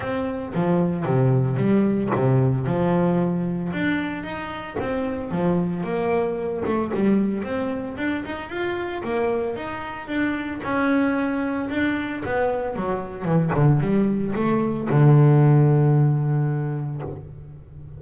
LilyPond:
\new Staff \with { instrumentName = "double bass" } { \time 4/4 \tempo 4 = 113 c'4 f4 c4 g4 | c4 f2 d'4 | dis'4 c'4 f4 ais4~ | ais8 a8 g4 c'4 d'8 dis'8 |
f'4 ais4 dis'4 d'4 | cis'2 d'4 b4 | fis4 e8 d8 g4 a4 | d1 | }